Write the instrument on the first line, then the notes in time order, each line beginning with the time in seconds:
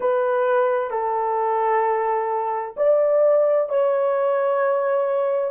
horn
0.00 B4
0.90 A4
2.77 D5
3.69 C#5